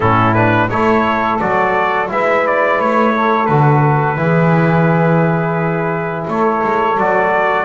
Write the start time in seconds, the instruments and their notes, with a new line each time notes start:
0.00 double bass A2, trombone C#4, saxophone E4, trumpet A4
0.33 trombone D4, trumpet B4
0.69 double bass A3, trombone E4, saxophone A4, trumpet C#5
1.39 double bass F#3, trombone F#4, trumpet D5
2.07 double bass G#3, trombone E4, saxophone B4, trumpet E5
2.46 trumpet D5
2.78 double bass A3, trumpet C#5
3.14 saxophone A4
3.46 double bass D3, trombone F#4, trumpet B4
4.16 double bass E3, trombone E4, saxophone G#4
6.27 double bass A3, saxophone A4, trumpet C#5
6.63 double bass G#3
6.97 double bass F#3, trombone F#4, trumpet D5